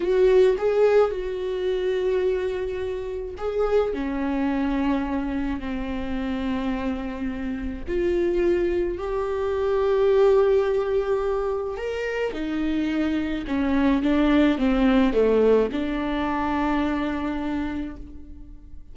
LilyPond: \new Staff \with { instrumentName = "viola" } { \time 4/4 \tempo 4 = 107 fis'4 gis'4 fis'2~ | fis'2 gis'4 cis'4~ | cis'2 c'2~ | c'2 f'2 |
g'1~ | g'4 ais'4 dis'2 | cis'4 d'4 c'4 a4 | d'1 | }